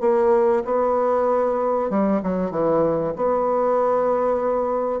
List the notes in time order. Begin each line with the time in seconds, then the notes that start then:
0.00 A#3
0.64 B3
1.89 G3
2.22 F#3
2.50 E3
3.15 B3